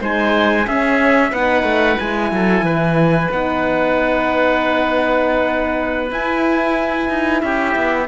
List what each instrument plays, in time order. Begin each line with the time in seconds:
0.00 cello G#3, horn D#4, oboe C5, trumpet G#5
0.64 horn C#4, cello C#4, oboe G#4, trumpet E5
1.30 cello B3, horn D#4, oboe B4, trumpet F#5
1.63 cello A3
1.98 cello G#3, horn E4, trumpet G#5
2.31 cello F#3, oboe A4
2.61 cello E3, oboe B4
3.31 cello B3, horn D#4, trumpet F#5
6.10 cello E4, horn E4, trumpet G#5
7.09 cello D#4
7.41 cello C#4, oboe G4, trumpet E5
7.75 cello B3